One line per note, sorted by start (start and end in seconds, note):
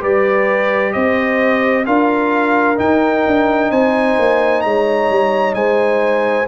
0.00 0.94 G3
0.00 1.85 G4
0.00 0.93 B4
0.00 0.92 D5
0.92 1.87 C4
0.92 1.86 C5
0.92 1.85 D#5
1.86 2.79 D4
1.86 2.76 F4
1.86 3.71 A#4
1.86 2.78 F5
2.76 6.45 D#4
2.76 3.25 D#4
2.76 3.71 G5
3.27 3.71 D4
3.71 4.17 C4
3.71 4.63 C5
3.71 4.61 G#5
4.19 4.64 A#3
4.61 5.10 G#3
4.61 5.56 C#5
4.61 5.53 A#5
5.10 5.54 G3
5.54 6.47 G#3
5.54 6.47 C5
5.54 6.47 G#5